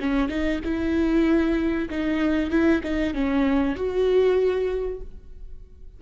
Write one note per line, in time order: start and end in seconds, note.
0.00 0.28 C#4
0.28 0.60 D#4
0.64 1.89 E4
1.89 2.50 D#4
2.50 2.81 E4
2.83 3.14 D#4
3.14 3.75 C#4
3.75 5.00 F#4